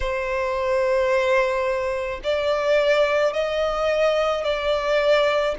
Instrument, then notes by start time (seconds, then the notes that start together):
violin
0.00 C5
2.23 D5
3.33 D#5
4.43 D5